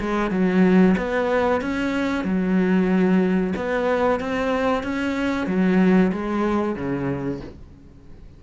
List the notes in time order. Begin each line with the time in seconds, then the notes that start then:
0.00 G#3
0.31 F#3
0.97 B3
1.62 C#4
2.25 F#3
3.56 B3
4.20 C4
4.83 C#4
5.47 F#3
6.12 G#3
6.76 C#3